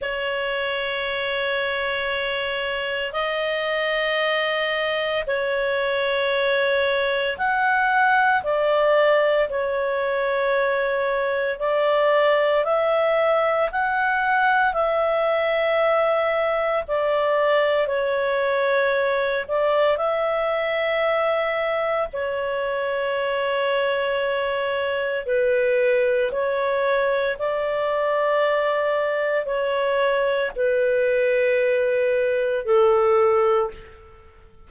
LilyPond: \new Staff \with { instrumentName = "clarinet" } { \time 4/4 \tempo 4 = 57 cis''2. dis''4~ | dis''4 cis''2 fis''4 | d''4 cis''2 d''4 | e''4 fis''4 e''2 |
d''4 cis''4. d''8 e''4~ | e''4 cis''2. | b'4 cis''4 d''2 | cis''4 b'2 a'4 | }